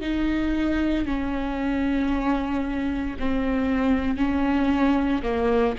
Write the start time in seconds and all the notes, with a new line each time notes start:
0.00 D#4
1.05 C#4
3.19 C4
4.17 C#4
5.22 A#3